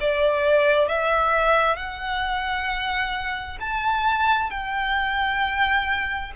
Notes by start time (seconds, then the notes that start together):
0.00 D5
0.88 E5
1.76 F#5
3.60 A5
4.50 G5